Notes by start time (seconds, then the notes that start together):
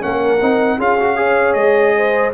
0.00 A#3 C#4 A#4 F#5
0.41 C4 D#4
0.77 C#4 F4 G#4 F5
0.99 F#4
1.16 G#4 C#5
1.53 G#3 D#5
1.96 C5